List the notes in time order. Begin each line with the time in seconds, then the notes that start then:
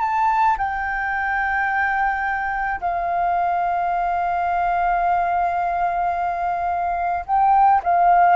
0.00 A5
0.58 G5
2.80 F5
7.25 G5
7.83 F5